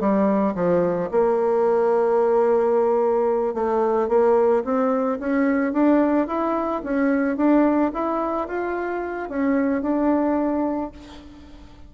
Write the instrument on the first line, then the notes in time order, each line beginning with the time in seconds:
bassoon
0.00 G3
0.55 F3
1.12 A#3
3.54 A3
4.09 A#3
4.65 C4
5.20 C#4
5.73 D4
6.28 E4
6.84 C#4
7.37 D4
7.94 E4
8.48 F4
9.30 C#4
9.83 D4